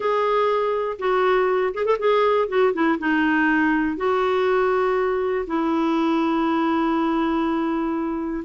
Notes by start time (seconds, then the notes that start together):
0.00 G#4
0.98 F#4
1.74 G#4
1.85 A4
1.98 G#4
2.48 F#4
2.73 E4
2.99 D#4
3.97 F#4
5.47 E4